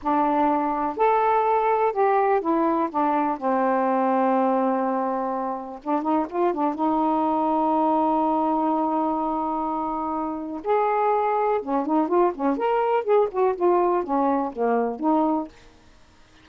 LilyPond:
\new Staff \with { instrumentName = "saxophone" } { \time 4/4 \tempo 4 = 124 d'2 a'2 | g'4 e'4 d'4 c'4~ | c'1 | d'8 dis'8 f'8 d'8 dis'2~ |
dis'1~ | dis'2 gis'2 | cis'8 dis'8 f'8 cis'8 ais'4 gis'8 fis'8 | f'4 cis'4 ais4 dis'4 | }